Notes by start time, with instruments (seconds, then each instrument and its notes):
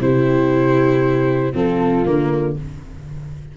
0.00 tuba C3, viola E4, horn G4, flute C5
1.53 tuba F3, viola C4, horn F4, flute A4
2.05 tuba D3, viola A#3, flute A#4